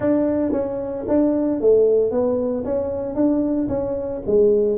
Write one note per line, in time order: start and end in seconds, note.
0.00 0.52 D4
0.52 1.05 C#4
1.07 1.60 D4
1.60 2.11 A3
2.11 2.64 B3
2.64 3.14 C#4
3.14 3.68 D4
3.68 4.21 C#4
4.26 4.78 G#3